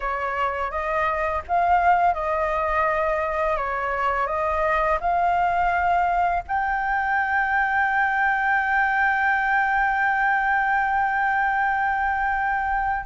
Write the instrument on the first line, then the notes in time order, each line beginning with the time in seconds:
flute
0.00 C#5
0.70 D#5
1.47 F5
2.14 D#5
3.56 C#5
4.27 D#5
5.00 F5
6.47 G5